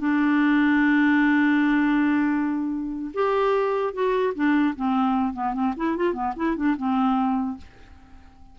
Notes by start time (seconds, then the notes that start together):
0.00 D4
3.14 G4
3.94 F#4
4.35 D4
4.76 C4
5.34 B3
5.54 C4
5.77 E4
5.97 F4
6.14 B3
6.37 E4
6.57 D4
6.78 C4